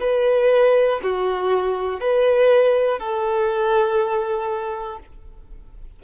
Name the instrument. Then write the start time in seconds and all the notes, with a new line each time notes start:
violin
0.00 B4
1.03 F#4
2.00 B4
3.00 A4